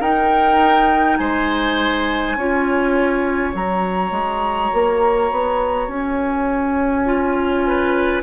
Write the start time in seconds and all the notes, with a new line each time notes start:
0.00 D#4 A#4 G5
1.17 G#3 C5 G#5
2.36 C#4 F4 C#5
3.54 F#3 F#4 A#5
4.11 G#3
4.73 A#3
5.31 B3
5.87 C#4 G#5
7.05 F4
7.67 B4